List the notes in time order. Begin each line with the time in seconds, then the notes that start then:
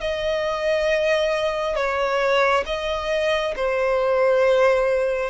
0.00 D#5
1.75 C#5
2.66 D#5
3.56 C5